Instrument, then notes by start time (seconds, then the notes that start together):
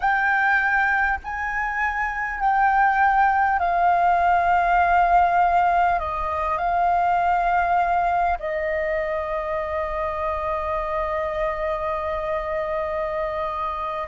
flute
0.00 G5
1.24 G#5
2.39 G5
3.59 F5
5.99 D#5
6.58 F5
8.39 D#5